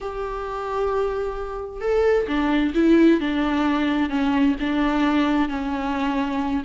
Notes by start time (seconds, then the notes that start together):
0.01 G4
1.80 A4
2.27 D4
2.74 E4
3.20 D4
4.09 C#4
4.60 D4
5.48 C#4